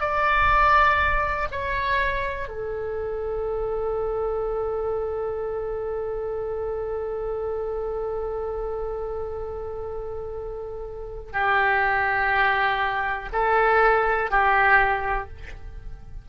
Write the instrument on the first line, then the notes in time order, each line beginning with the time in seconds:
oboe
0.00 D5
1.51 C#5
2.48 A4
11.32 G4
13.32 A4
14.30 G4